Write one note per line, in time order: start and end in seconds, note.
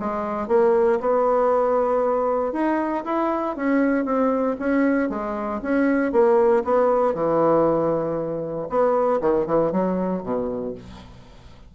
0.00 0.48 G#3
0.48 1.00 A#3
1.00 2.53 B3
2.53 3.04 D#4
3.05 3.56 E4
3.57 4.05 C#4
4.05 4.57 C4
4.60 5.10 C#4
5.10 5.61 G#3
5.63 6.13 C#4
6.13 6.64 A#3
6.65 7.14 B3
7.14 8.68 E3
8.70 9.21 B3
9.21 9.47 D#3
9.47 9.72 E3
9.72 10.23 F#3
10.24 10.75 B2